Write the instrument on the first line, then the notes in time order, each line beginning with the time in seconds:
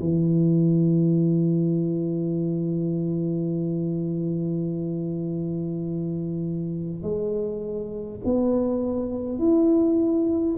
tuba
0.00 E3
7.03 G#3
8.25 B3
9.39 E4